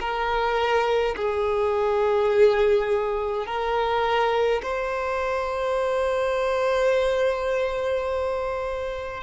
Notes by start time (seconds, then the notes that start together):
0.00 A#4
1.16 G#4
3.46 A#4
4.63 C5